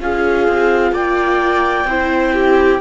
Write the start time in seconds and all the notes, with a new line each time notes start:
0.00 C#4 F4 G#4 F5
0.48 C4
0.92 A#3 D5 G5
1.85 C4 E4 C5
2.34 G4